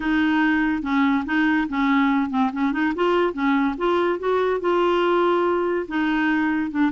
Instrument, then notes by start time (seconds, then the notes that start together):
clarinet
0.00 D#4
0.82 C#4
1.25 D#4
1.68 C#4
2.30 C4
2.53 C#4
2.72 D#4
2.95 F4
3.33 C#4
3.77 F4
4.19 F#4
4.60 F4
5.88 D#4
6.70 D4